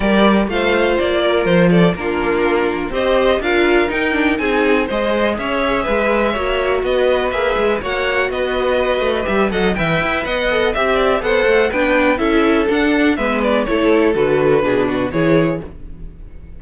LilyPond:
<<
  \new Staff \with { instrumentName = "violin" } { \time 4/4 \tempo 4 = 123 d''4 f''4 d''4 c''8 d''8 | ais'2 dis''4 f''4 | g''4 gis''4 dis''4 e''4~ | e''2 dis''4 e''4 |
fis''4 dis''2 e''8 fis''8 | g''4 fis''4 e''4 fis''4 | g''4 e''4 fis''4 e''8 d''8 | cis''4 b'2 cis''4 | }
  \new Staff \with { instrumentName = "violin" } { \time 4/4 ais'4 c''4. ais'4 a'8 | f'2 c''4 ais'4~ | ais'4 gis'4 c''4 cis''4 | b'4 cis''4 b'2 |
cis''4 b'2~ b'8 dis''8 | e''4 dis''4 e''8 d''8 c''4 | b'4 a'2 b'4 | a'2 gis'8 fis'8 gis'4 | }
  \new Staff \with { instrumentName = "viola" } { \time 4/4 g'4 f'2. | d'2 g'4 f'4 | dis'8 d'8 dis'4 gis'2~ | gis'4 fis'2 gis'4 |
fis'2. g'8 a'8 | b'4. a'8 g'4 a'4 | d'4 e'4 d'4 b4 | e'4 fis'4 d'4 e'4 | }
  \new Staff \with { instrumentName = "cello" } { \time 4/4 g4 a4 ais4 f4 | ais2 c'4 d'4 | dis'4 c'4 gis4 cis'4 | gis4 ais4 b4 ais8 gis8 |
ais4 b4. a8 g8 fis8 | e8 e'8 b4 c'4 b8 a8 | b4 cis'4 d'4 gis4 | a4 d4 b,4 e4 | }
>>